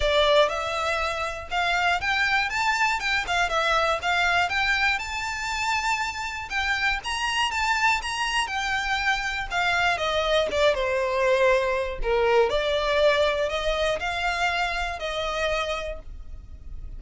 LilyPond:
\new Staff \with { instrumentName = "violin" } { \time 4/4 \tempo 4 = 120 d''4 e''2 f''4 | g''4 a''4 g''8 f''8 e''4 | f''4 g''4 a''2~ | a''4 g''4 ais''4 a''4 |
ais''4 g''2 f''4 | dis''4 d''8 c''2~ c''8 | ais'4 d''2 dis''4 | f''2 dis''2 | }